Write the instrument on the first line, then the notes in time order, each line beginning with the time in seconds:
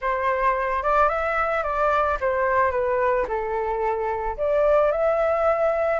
flute
0.01 C5
0.83 D5
1.08 E5
1.63 D5
2.20 C5
2.71 B4
3.28 A4
4.37 D5
4.91 E5